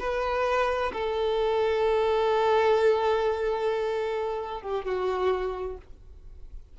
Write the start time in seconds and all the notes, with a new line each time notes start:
0.00 B4
0.93 A4
4.62 G4
4.85 F#4